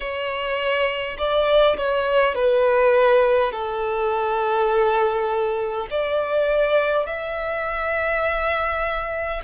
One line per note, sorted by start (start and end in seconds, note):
0.00 1.17 C#5
1.18 1.76 D5
1.77 2.35 C#5
2.35 3.51 B4
3.51 5.87 A4
5.90 7.06 D5
7.06 9.41 E5